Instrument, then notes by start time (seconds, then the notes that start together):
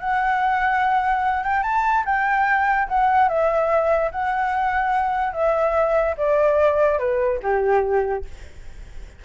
flute
0.00 F#5
1.43 G5
1.63 A5
2.05 G5
2.88 F#5
3.29 E5
4.11 F#5
5.33 E5
6.17 D5
6.99 B4
7.42 G4